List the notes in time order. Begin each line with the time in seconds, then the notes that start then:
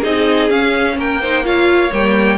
0.00 C4 D#4 G#4 D#5
0.49 C#4 F5
0.96 A#3 A#4 G5
1.21 D#4 C5
1.43 F4 C#5 F5
1.91 G3 A#3 G5